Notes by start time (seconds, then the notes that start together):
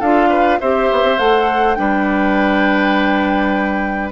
0.00 D4 F4 A4 F5
0.30 B4
0.60 C4 G4 C5 E5
0.92 B3
1.04 C4
1.19 A3 A4 F#5
1.75 G3 D4 B4 G5